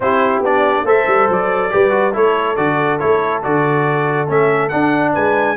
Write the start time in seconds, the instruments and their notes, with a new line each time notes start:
0.00 tuba C4, trombone E4, horn G4, trumpet C5
0.40 tuba B3, trombone D4, trumpet D5
0.83 tuba A3, trombone A4, horn C5, trumpet E5
1.07 tuba G3
1.29 tuba F#3, trumpet D5
1.70 tuba G3, trombone G4, horn B4
1.90 trombone F#4
2.13 tuba A3, trombone E4, horn A4, trumpet C#5
2.55 tuba D3, trombone F#4, trumpet D5
2.99 tuba A3, trombone E4, trumpet C#5
3.42 tuba D3, trombone F#4, trumpet D5
4.27 tuba A3, trombone C#4, trumpet E5
4.68 trombone D4, tuba D4, trumpet F#5
5.13 tuba G#3, horn B4, trumpet G#5